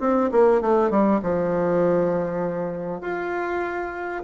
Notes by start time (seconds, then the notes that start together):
0.00 C4
0.32 A#3
0.61 A3
0.90 G3
1.23 F3
3.01 F4